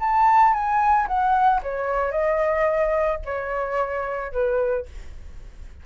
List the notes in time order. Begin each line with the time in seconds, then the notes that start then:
0.00 A5
0.54 G#5
1.08 F#5
1.63 C#5
2.12 D#5
3.25 C#5
4.32 B4